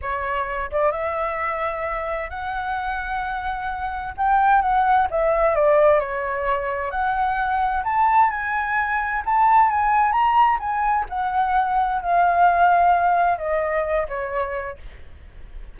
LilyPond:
\new Staff \with { instrumentName = "flute" } { \time 4/4 \tempo 4 = 130 cis''4. d''8 e''2~ | e''4 fis''2.~ | fis''4 g''4 fis''4 e''4 | d''4 cis''2 fis''4~ |
fis''4 a''4 gis''2 | a''4 gis''4 ais''4 gis''4 | fis''2 f''2~ | f''4 dis''4. cis''4. | }